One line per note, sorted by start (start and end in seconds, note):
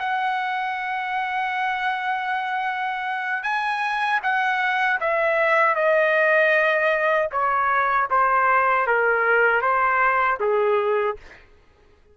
0.00 3.43 F#5
3.43 4.20 G#5
4.23 5.00 F#5
5.01 5.76 E5
5.76 7.30 D#5
7.32 8.09 C#5
8.11 8.87 C5
8.87 9.62 A#4
9.62 10.39 C5
10.41 11.17 G#4